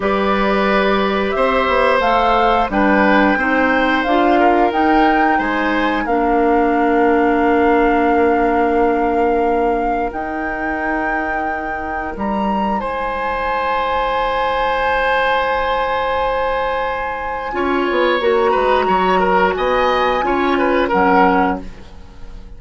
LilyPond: <<
  \new Staff \with { instrumentName = "flute" } { \time 4/4 \tempo 4 = 89 d''2 e''4 f''4 | g''2 f''4 g''4 | gis''4 f''2.~ | f''2. g''4~ |
g''2 ais''4 gis''4~ | gis''1~ | gis''2. ais''4~ | ais''4 gis''2 fis''4 | }
  \new Staff \with { instrumentName = "oboe" } { \time 4/4 b'2 c''2 | b'4 c''4. ais'4. | c''4 ais'2.~ | ais'1~ |
ais'2. c''4~ | c''1~ | c''2 cis''4. b'8 | cis''8 ais'8 dis''4 cis''8 b'8 ais'4 | }
  \new Staff \with { instrumentName = "clarinet" } { \time 4/4 g'2. a'4 | d'4 dis'4 f'4 dis'4~ | dis'4 d'2.~ | d'2. dis'4~ |
dis'1~ | dis'1~ | dis'2 f'4 fis'4~ | fis'2 f'4 cis'4 | }
  \new Staff \with { instrumentName = "bassoon" } { \time 4/4 g2 c'8 b8 a4 | g4 c'4 d'4 dis'4 | gis4 ais2.~ | ais2. dis'4~ |
dis'2 g4 gis4~ | gis1~ | gis2 cis'8 b8 ais8 gis8 | fis4 b4 cis'4 fis4 | }
>>